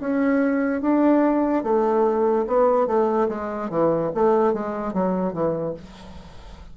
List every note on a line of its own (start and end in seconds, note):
0.00 0.81 C#4
0.81 1.63 D4
1.63 2.45 A3
2.47 2.87 B3
2.87 3.28 A3
3.29 3.69 G#3
3.69 4.11 E3
4.15 4.53 A3
4.53 4.93 G#3
4.93 5.33 F#3
5.33 5.74 E3